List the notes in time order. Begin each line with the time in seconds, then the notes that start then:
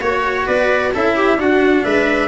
0.00 A#3 F#4 C#5
0.46 B3 B4 D5
0.94 C#4 E4 A4 E5
1.15 G4
1.36 D4 F#4 F#5
1.84 G#3 B4 E5